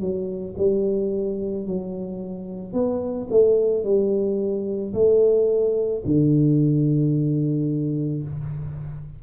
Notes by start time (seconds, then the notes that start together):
0.00 F#3
0.58 G3
1.66 F#3
2.73 B3
3.30 A3
3.84 G3
4.93 A3
6.05 D3